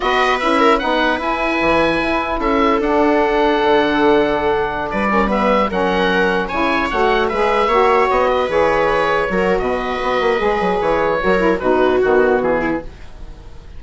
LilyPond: <<
  \new Staff \with { instrumentName = "oboe" } { \time 4/4 \tempo 4 = 150 dis''4 e''4 fis''4 gis''4~ | gis''2 e''4 fis''4~ | fis''1~ | fis''16 d''4 e''4 fis''4.~ fis''16~ |
fis''16 gis''4 fis''4 e''4.~ e''16~ | e''16 dis''4 cis''2~ cis''8. | dis''2. cis''4~ | cis''4 b'4 fis'4 gis'4 | }
  \new Staff \with { instrumentName = "viola" } { \time 4/4 b'4. ais'8 b'2~ | b'2 a'2~ | a'1~ | a'16 b'8 ais'8 b'4 ais'4.~ ais'16~ |
ais'16 cis''2 b'4 cis''8.~ | cis''8. b'2~ b'8 ais'8. | b'1 | ais'4 fis'2~ fis'8 e'8 | }
  \new Staff \with { instrumentName = "saxophone" } { \time 4/4 fis'4 e'4 dis'4 e'4~ | e'2. d'4~ | d'1~ | d'8. cis'8 b4 cis'4.~ cis'16~ |
cis'16 e'4 fis'4 gis'4 fis'8.~ | fis'4~ fis'16 gis'2 fis'8.~ | fis'2 gis'2 | fis'8 e'8 dis'4 b2 | }
  \new Staff \with { instrumentName = "bassoon" } { \time 4/4 b4 cis'4 b4 e'4 | e4 e'4 cis'4 d'4~ | d'4 d2.~ | d16 g2 fis4.~ fis16~ |
fis16 cis4 a4 gis4 ais8.~ | ais16 b4 e2 fis8. | b,4 b8 ais8 gis8 fis8 e4 | fis4 b,4 dis4 e4 | }
>>